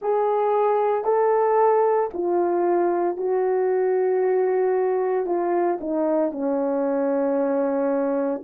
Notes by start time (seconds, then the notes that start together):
0.01 G#4
1.04 A4
2.13 F4
3.16 F#4
5.25 F4
5.80 D#4
6.31 C#4